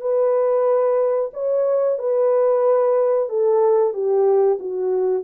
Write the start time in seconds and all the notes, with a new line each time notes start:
0.00 B4
1.33 C#5
1.98 B4
3.28 A4
3.93 G4
4.59 F#4